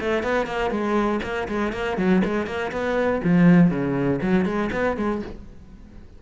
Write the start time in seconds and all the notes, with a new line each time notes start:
0.00 A3
0.23 B3
0.46 A#3
0.70 G#3
1.23 A#3
1.48 G#3
1.72 A#3
1.97 F#3
2.24 G#3
2.46 A#3
2.71 B3
3.23 F3
3.70 C#3
4.21 F#3
4.45 G#3
4.72 B3
4.97 G#3